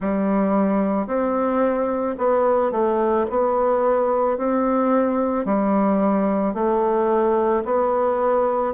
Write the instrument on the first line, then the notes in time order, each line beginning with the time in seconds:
bassoon
0.00 G3
1.07 C4
2.18 B3
2.71 A3
3.30 B3
4.37 C4
5.45 G3
6.54 A3
7.65 B3